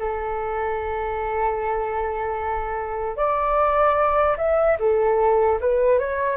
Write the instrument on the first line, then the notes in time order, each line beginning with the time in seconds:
flute
0.00 A4
3.17 D5
4.38 E5
4.80 A4
5.61 B4
6.00 C#5